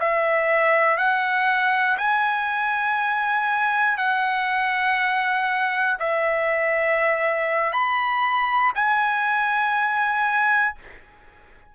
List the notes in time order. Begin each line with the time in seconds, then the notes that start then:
0.00 E5
0.98 F#5
1.98 G#5
3.98 F#5
6.00 E5
7.73 B5
8.75 G#5